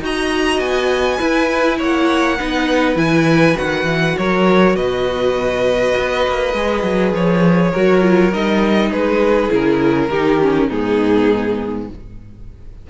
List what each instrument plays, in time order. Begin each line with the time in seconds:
0.00 cello D#4, viola F#4, violin D#5 A#5
0.59 cello B3, violin G#5
1.18 viola E4, cello E4, violin B4
1.78 cello A#3, violin C#5 F#5
2.38 cello B3, viola D#4, violin B4
2.96 cello E3, viola E4, violin G#5
3.55 cello D#3, viola F#4, violin F#5
3.84 cello E3
4.18 cello F#3, violin A#4 C#5
4.75 cello B2, violin B4 D#5
5.98 cello B3
6.27 cello A#3
6.54 cello G#3, viola G#4
6.83 cello F#3
7.13 cello F3, violin C#5
7.71 cello F#3, viola F#4, violin A#4
8.01 viola F4
8.33 cello G3, viola D#4, violin D#5
8.90 cello G#3, violin G#4 B4
9.49 cello C#3, viola E4, violin A#4
10.09 cello D#3, viola D#4, violin G4
10.41 viola C#4
10.68 cello G#2, viola B3, violin D#4 G#4